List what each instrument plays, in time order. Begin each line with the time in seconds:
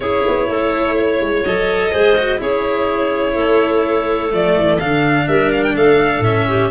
0.00 tuba C#4, cello E4, clarinet G#4, violin C#5
0.27 tuba B3
0.47 tuba A3, clarinet A4
0.95 clarinet C#5
1.20 tuba G#3
1.44 tuba F#3, cello A4, violin D#5
1.91 tuba G#3, cello G#4, clarinet C5
2.17 cello F#4
2.37 tuba C#4, cello E4, clarinet G#4, violin C#5
3.33 tuba A3, clarinet A4
4.30 tuba F3, cello A3, violin D5
4.57 tuba E3
4.79 tuba D3, cello D4, violin F5
5.27 tuba G3, clarinet A#4, violin E5
5.51 violin F5
5.63 violin G5
5.75 tuba A3, clarinet A4, violin F5
6.19 tuba A2, cello C#4, violin E5
6.48 clarinet G4